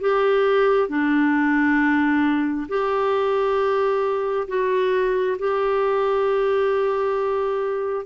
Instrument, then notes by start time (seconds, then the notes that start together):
clarinet
0.00 G4
0.89 D4
2.69 G4
4.48 F#4
5.39 G4